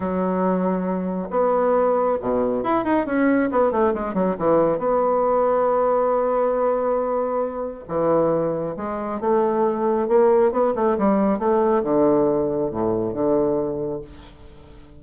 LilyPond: \new Staff \with { instrumentName = "bassoon" } { \time 4/4 \tempo 4 = 137 fis2. b4~ | b4 b,4 e'8 dis'8 cis'4 | b8 a8 gis8 fis8 e4 b4~ | b1~ |
b2 e2 | gis4 a2 ais4 | b8 a8 g4 a4 d4~ | d4 a,4 d2 | }